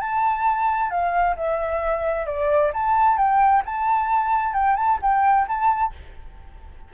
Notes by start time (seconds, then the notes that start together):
0.00 A5
0.90 F5
1.36 E5
2.26 D5
2.73 A5
3.17 G5
3.65 A5
4.53 G5
4.76 A5
5.01 G5
5.48 A5